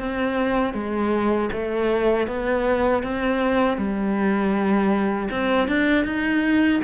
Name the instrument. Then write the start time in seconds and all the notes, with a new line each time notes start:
cello
0.00 C4
0.74 G#3
1.53 A3
2.28 B3
3.03 C4
3.78 G3
5.31 C4
5.68 D4
6.05 D#4